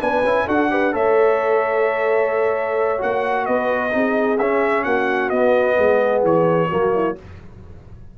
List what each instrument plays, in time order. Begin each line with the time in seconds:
0.00 tuba B3, trombone D4, horn B4, trumpet G#5
0.24 tuba C#4, trombone E4
0.47 tuba D4, trombone F#4, horn A4, trumpet F#5
0.71 trombone G4, horn B4
0.92 tuba A3, trombone A4, horn C#5, trumpet E5
2.98 tuba A#3, trombone F#4, trumpet F#5
3.46 tuba B3, horn B4, trumpet D#5
3.91 tuba C4, trombone D#4, horn G#4
4.39 tuba C#4, trombone C#4, trumpet E5
4.84 tuba A#3, horn F#4, trumpet F#5
5.30 tuba B3, trombone B3, trumpet D#5
5.77 tuba G#3, horn G#4
6.23 tuba E3, trumpet C#5
6.70 tuba F#3, trombone A#3, horn F#4
6.94 horn E4